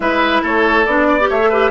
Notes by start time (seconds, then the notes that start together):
0.00 G#3 E4 B4 E5
0.42 A3 A4 C#5
0.85 B3 D4 D5
1.08 D5
1.20 G4
1.29 A3 C#5 E5
1.40 A4
1.49 G4 B4